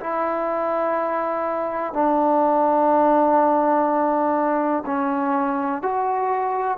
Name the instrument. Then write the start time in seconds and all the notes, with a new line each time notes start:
trombone
0.00 E4
1.94 D4
4.86 C#4
5.82 F#4